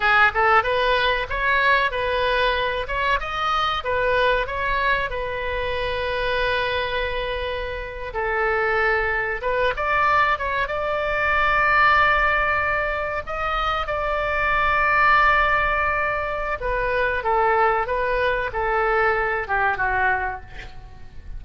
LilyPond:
\new Staff \with { instrumentName = "oboe" } { \time 4/4 \tempo 4 = 94 gis'8 a'8 b'4 cis''4 b'4~ | b'8 cis''8 dis''4 b'4 cis''4 | b'1~ | b'8. a'2 b'8 d''8.~ |
d''16 cis''8 d''2.~ d''16~ | d''8. dis''4 d''2~ d''16~ | d''2 b'4 a'4 | b'4 a'4. g'8 fis'4 | }